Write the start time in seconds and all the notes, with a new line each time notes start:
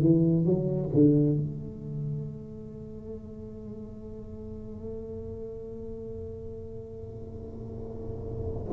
0.00 E3
0.45 F#3
0.93 D3
1.36 A3